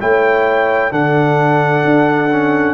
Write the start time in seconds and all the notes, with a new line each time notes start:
0.00 A3 E4 C#5 G5
0.90 D3 D4 A4 F#5
1.84 D4
2.32 C#4